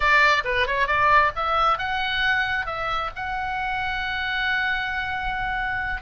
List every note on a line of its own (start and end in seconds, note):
0.00 0.43 D5
0.44 0.66 B4
0.66 0.87 C#5
0.87 1.31 D5
1.35 1.78 E5
1.78 2.66 F#5
2.66 3.10 E5
3.15 6.01 F#5